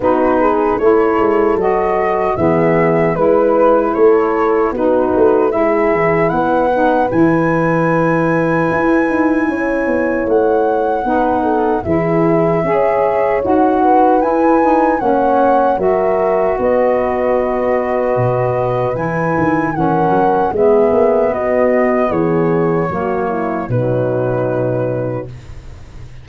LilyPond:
<<
  \new Staff \with { instrumentName = "flute" } { \time 4/4 \tempo 4 = 76 b'4 cis''4 dis''4 e''4 | b'4 cis''4 b'4 e''4 | fis''4 gis''2.~ | gis''4 fis''2 e''4~ |
e''4 fis''4 gis''4 fis''4 | e''4 dis''2. | gis''4 fis''4 e''4 dis''4 | cis''2 b'2 | }
  \new Staff \with { instrumentName = "horn" } { \time 4/4 fis'8 gis'8 a'2 gis'4 | b'4 a'4 fis'4 gis'4 | b'1 | cis''2 b'8 a'8 gis'4 |
cis''4. b'4. cis''4 | ais'4 b'2.~ | b'4 ais'4 gis'4 fis'4 | gis'4 fis'8 e'8 dis'2 | }
  \new Staff \with { instrumentName = "saxophone" } { \time 4/4 dis'4 e'4 fis'4 b4 | e'2 dis'4 e'4~ | e'8 dis'8 e'2.~ | e'2 dis'4 e'4 |
gis'4 fis'4 e'8 dis'8 cis'4 | fis'1 | e'4 cis'4 b2~ | b4 ais4 fis2 | }
  \new Staff \with { instrumentName = "tuba" } { \time 4/4 b4 a8 gis8 fis4 e4 | gis4 a4 b8 a8 gis8 e8 | b4 e2 e'8 dis'8 | cis'8 b8 a4 b4 e4 |
cis'4 dis'4 e'4 ais4 | fis4 b2 b,4 | e8 dis8 e8 fis8 gis8 ais8 b4 | e4 fis4 b,2 | }
>>